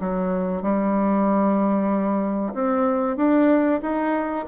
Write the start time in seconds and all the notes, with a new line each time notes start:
0.00 F#3
0.62 G3
2.54 C4
3.16 D4
3.81 D#4